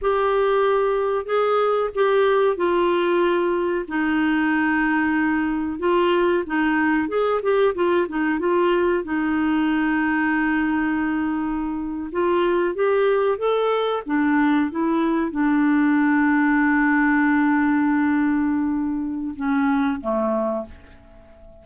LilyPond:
\new Staff \with { instrumentName = "clarinet" } { \time 4/4 \tempo 4 = 93 g'2 gis'4 g'4 | f'2 dis'2~ | dis'4 f'4 dis'4 gis'8 g'8 | f'8 dis'8 f'4 dis'2~ |
dis'2~ dis'8. f'4 g'16~ | g'8. a'4 d'4 e'4 d'16~ | d'1~ | d'2 cis'4 a4 | }